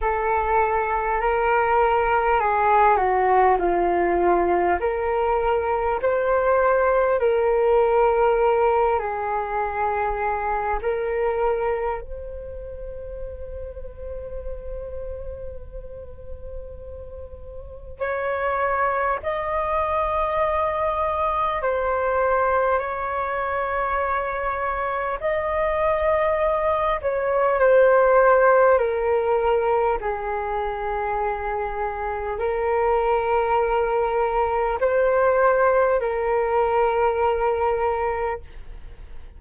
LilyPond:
\new Staff \with { instrumentName = "flute" } { \time 4/4 \tempo 4 = 50 a'4 ais'4 gis'8 fis'8 f'4 | ais'4 c''4 ais'4. gis'8~ | gis'4 ais'4 c''2~ | c''2. cis''4 |
dis''2 c''4 cis''4~ | cis''4 dis''4. cis''8 c''4 | ais'4 gis'2 ais'4~ | ais'4 c''4 ais'2 | }